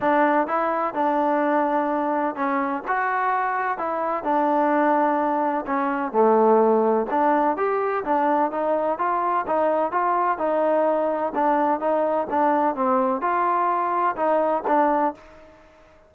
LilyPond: \new Staff \with { instrumentName = "trombone" } { \time 4/4 \tempo 4 = 127 d'4 e'4 d'2~ | d'4 cis'4 fis'2 | e'4 d'2. | cis'4 a2 d'4 |
g'4 d'4 dis'4 f'4 | dis'4 f'4 dis'2 | d'4 dis'4 d'4 c'4 | f'2 dis'4 d'4 | }